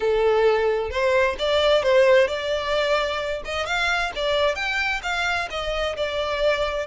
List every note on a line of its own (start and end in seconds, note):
0.00 0.90 A4
0.90 1.36 C5
1.38 1.82 D5
1.82 2.27 C5
2.27 3.42 D5
3.45 3.66 D#5
3.66 4.11 F5
4.15 4.55 D5
4.55 5.00 G5
5.02 5.48 F5
5.50 5.96 D#5
5.96 6.87 D5